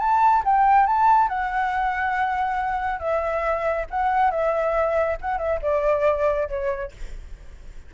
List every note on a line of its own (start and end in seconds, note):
0.00 0.43 A5
0.45 0.87 G5
0.87 1.29 A5
1.29 3.00 F#5
3.00 3.86 E5
3.91 4.31 F#5
4.31 5.18 E5
5.22 5.38 F#5
5.38 5.60 E5
5.63 6.49 D5
6.49 6.92 C#5